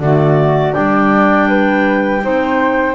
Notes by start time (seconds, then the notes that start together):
0.00 D3 A3 F#4 D5
0.73 G3 D4 D5 G5
1.49 B4
2.22 C4 D#4 C5